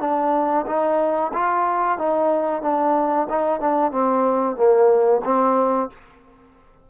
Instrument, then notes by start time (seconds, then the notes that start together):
trombone
0.00 D4
0.66 D#4
1.33 F4
1.98 D#4
2.62 D4
3.29 D#4
3.60 D4
3.91 C4
4.56 A#3
5.24 C4